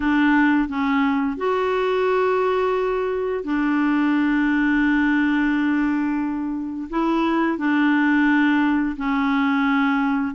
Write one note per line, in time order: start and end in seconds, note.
0.00 0.68 D4
0.68 1.37 C#4
1.37 3.44 F#4
3.44 6.88 D4
6.90 7.58 E4
7.58 8.96 D4
8.97 10.34 C#4